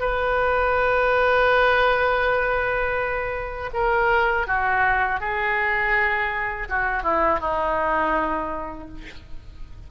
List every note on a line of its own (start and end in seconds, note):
0.00 3.70 B4
3.74 4.47 A#4
4.47 5.21 F#4
5.21 6.69 G#4
6.70 7.03 F#4
7.03 7.40 E4
7.40 8.89 D#4